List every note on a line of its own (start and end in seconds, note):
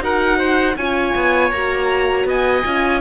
0.00 0.75 D#4
0.00 0.75 F#4
0.00 0.38 A#4
0.00 0.77 F#5
0.38 0.75 C5
0.76 1.14 C#4
0.76 1.53 F4
0.76 2.27 C#5
0.76 1.52 G#5
1.15 1.51 B3
1.51 2.25 A#3
1.51 2.65 F#4
1.51 2.27 A#5
2.25 2.62 B3
2.25 3.01 D#5
2.25 3.01 G#5
2.65 3.01 C#4
2.65 3.01 F4